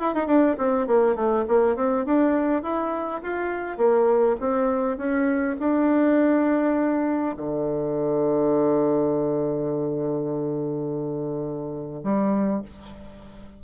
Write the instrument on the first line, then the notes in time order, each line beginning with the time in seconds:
bassoon
0.00 E4
0.15 D#4
0.27 D4
0.58 C4
0.88 A#3
1.16 A3
1.48 A#3
1.76 C4
2.06 D4
2.63 E4
3.23 F4
3.78 A#3
4.41 C4
4.98 C#4
5.60 D4
7.37 D3
12.04 G3